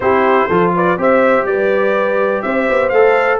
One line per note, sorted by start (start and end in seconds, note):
0.00 0.47 C4
0.00 0.49 E4
0.00 0.48 G4
0.00 0.72 C5
0.48 0.97 F3
0.48 0.97 F4
0.48 0.72 A4
0.75 0.98 B4
0.75 1.01 D5
0.97 1.44 C4
0.97 2.92 G4
0.97 1.47 C5
0.97 1.46 E5
1.44 2.41 G3
1.44 2.45 B4
1.44 2.42 D5
2.42 2.68 C4
2.42 3.39 C5
2.42 2.89 E5
2.69 2.91 B3
2.89 3.39 A3
2.89 3.39 A4
2.89 3.38 F5